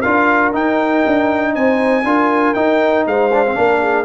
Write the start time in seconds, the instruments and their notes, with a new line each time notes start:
0.00 tuba D4, trombone F4, horn A#4, trumpet F5
0.52 trombone D#4, tuba D#4, trumpet G5
1.06 tuba D4
1.54 tuba C4, horn C5, trumpet G#5
2.04 tuba D4, trombone F4, horn A#4
2.54 trombone D#4, tuba D#4, trumpet G5
3.06 tuba G#3, horn C5, trumpet F5
3.32 trombone D4
3.45 trombone C4
3.55 tuba A#3, trombone D4, horn A#4
3.81 horn G#4